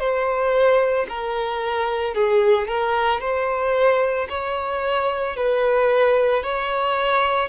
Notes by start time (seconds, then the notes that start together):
0.00 C5
1.09 A#4
2.15 G#4
2.68 A#4
3.21 C5
4.30 C#5
5.37 B4
6.44 C#5